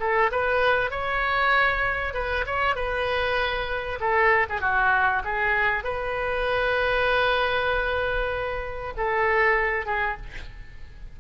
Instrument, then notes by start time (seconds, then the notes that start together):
oboe
0.00 A4
0.31 B4
0.91 C#5
2.14 B4
2.46 C#5
2.76 B4
4.00 A4
4.50 G#4
4.61 F#4
5.24 G#4
5.84 B4
8.97 A4
9.86 G#4